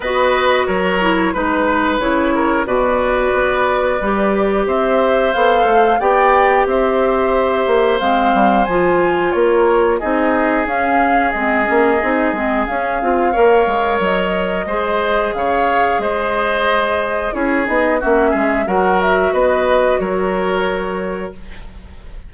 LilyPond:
<<
  \new Staff \with { instrumentName = "flute" } { \time 4/4 \tempo 4 = 90 dis''4 cis''4 b'4 cis''4 | d''2. e''4 | f''4 g''4 e''2 | f''4 gis''4 cis''4 dis''4 |
f''4 dis''2 f''4~ | f''4 dis''2 f''4 | dis''2 cis''8 dis''8 e''4 | fis''8 e''8 dis''4 cis''2 | }
  \new Staff \with { instrumentName = "oboe" } { \time 4/4 b'4 ais'4 b'4. ais'8 | b'2. c''4~ | c''4 d''4 c''2~ | c''2 ais'4 gis'4~ |
gis'1 | cis''2 c''4 cis''4 | c''2 gis'4 fis'8 gis'8 | ais'4 b'4 ais'2 | }
  \new Staff \with { instrumentName = "clarinet" } { \time 4/4 fis'4. e'8 dis'4 e'4 | fis'2 g'2 | a'4 g'2. | c'4 f'2 dis'4 |
cis'4 c'8 cis'8 dis'8 c'8 cis'8 f'8 | ais'2 gis'2~ | gis'2 e'8 dis'8 cis'4 | fis'1 | }
  \new Staff \with { instrumentName = "bassoon" } { \time 4/4 b4 fis4 gis4 cis4 | b,4 b4 g4 c'4 | b8 a8 b4 c'4. ais8 | gis8 g8 f4 ais4 c'4 |
cis'4 gis8 ais8 c'8 gis8 cis'8 c'8 | ais8 gis8 fis4 gis4 cis4 | gis2 cis'8 b8 ais8 gis8 | fis4 b4 fis2 | }
>>